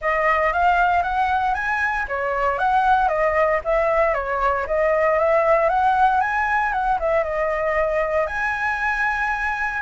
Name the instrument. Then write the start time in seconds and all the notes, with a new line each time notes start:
flute
0.01 D#5
0.52 F5
1.03 F#5
1.54 G#5
2.07 C#5
2.58 F#5
3.08 D#5
3.64 E5
4.14 C#5
4.66 D#5
5.19 E5
5.69 F#5
6.20 G#5
6.72 F#5
6.99 E5
7.23 D#5
8.26 G#5